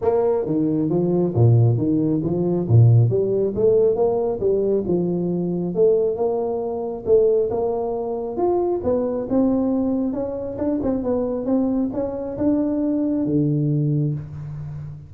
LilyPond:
\new Staff \with { instrumentName = "tuba" } { \time 4/4 \tempo 4 = 136 ais4 dis4 f4 ais,4 | dis4 f4 ais,4 g4 | a4 ais4 g4 f4~ | f4 a4 ais2 |
a4 ais2 f'4 | b4 c'2 cis'4 | d'8 c'8 b4 c'4 cis'4 | d'2 d2 | }